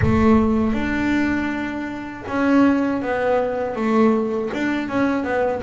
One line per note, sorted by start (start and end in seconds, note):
0.02 0.73 A3
0.73 2.23 D4
2.28 3.02 C#4
3.02 3.75 B3
3.75 4.50 A3
4.53 4.88 D4
4.88 5.24 C#4
5.24 5.61 B3